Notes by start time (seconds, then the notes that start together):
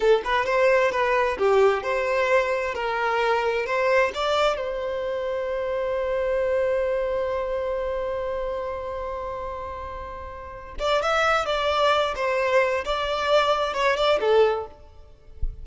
0.00 A4
0.24 B4
0.45 C5
0.91 B4
1.38 G4
1.82 C5
2.74 A#4
3.65 C5
4.14 D5
4.57 C5
10.79 D5
11.02 E5
11.45 D5
12.15 C5
12.84 D5
13.73 C#5
13.96 D5
14.20 A4